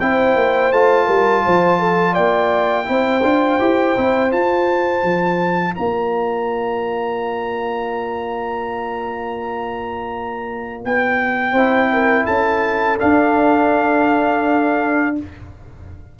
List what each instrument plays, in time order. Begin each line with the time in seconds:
0.00 tuba C4, trombone E4, horn C5, trumpet G5
0.36 tuba A#3
0.72 tuba A3, trombone F4, trumpet A5
1.06 tuba G3, horn A#4
1.45 tuba F3, horn C5
1.79 horn A4
2.12 tuba A#3, horn D5, trumpet G5
2.85 tuba C4, trombone E4, horn C5
3.23 tuba D4, trombone F4
3.59 tuba E4, trombone G4
3.97 tuba C4, trombone E4
4.29 trombone F4, tuba F4, trumpet A5
5.03 tuba F3
5.75 tuba A#3, horn D5, trumpet A#5
10.85 tuba B3, trumpet G5
11.52 tuba C4, trombone E4, horn C5
11.92 horn A#4
12.25 tuba C#4, horn A4, trumpet A5
12.98 trombone D4, tuba D4, trumpet F5